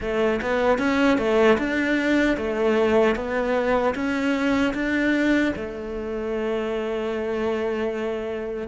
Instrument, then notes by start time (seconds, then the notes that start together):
cello
0.00 A3
0.41 B3
0.78 C#4
1.18 A3
1.58 D4
2.37 A3
3.15 B3
3.94 C#4
4.74 D4
5.56 A3